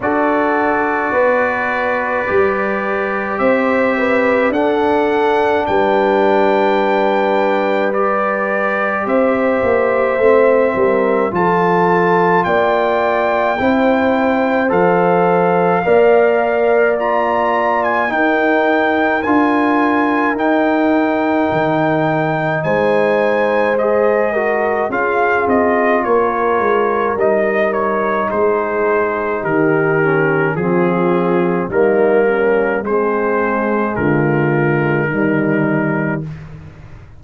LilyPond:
<<
  \new Staff \with { instrumentName = "trumpet" } { \time 4/4 \tempo 4 = 53 d''2. e''4 | fis''4 g''2 d''4 | e''2 a''4 g''4~ | g''4 f''2 ais''8. gis''16 |
g''4 gis''4 g''2 | gis''4 dis''4 f''8 dis''8 cis''4 | dis''8 cis''8 c''4 ais'4 gis'4 | ais'4 c''4 ais'2 | }
  \new Staff \with { instrumentName = "horn" } { \time 4/4 a'4 b'2 c''8 b'8 | a'4 b'2. | c''4. ais'8 a'4 d''4 | c''2 d''2 |
ais'1 | c''4. ais'8 gis'4 ais'4~ | ais'4 gis'4 g'4 f'4 | dis'8 cis'8 c'4 f'4 dis'4 | }
  \new Staff \with { instrumentName = "trombone" } { \time 4/4 fis'2 g'2 | d'2. g'4~ | g'4 c'4 f'2 | e'4 a'4 ais'4 f'4 |
dis'4 f'4 dis'2~ | dis'4 gis'8 fis'8 f'2 | dis'2~ dis'8 cis'8 c'4 | ais4 gis2 g4 | }
  \new Staff \with { instrumentName = "tuba" } { \time 4/4 d'4 b4 g4 c'4 | d'4 g2. | c'8 ais8 a8 g8 f4 ais4 | c'4 f4 ais2 |
dis'4 d'4 dis'4 dis4 | gis2 cis'8 c'8 ais8 gis8 | g4 gis4 dis4 f4 | g4 gis4 d4 dis4 | }
>>